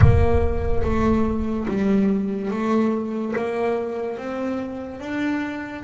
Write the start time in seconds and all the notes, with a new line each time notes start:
0.00 A#3
0.83 A3
1.68 G3
2.50 A3
3.35 A#3
4.17 C4
5.00 D4